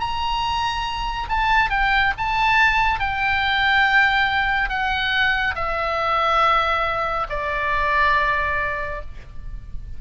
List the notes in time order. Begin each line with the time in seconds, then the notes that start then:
0.00 A#5
1.29 A5
1.70 G5
2.18 A5
3.00 G5
4.69 F#5
5.55 E5
7.30 D5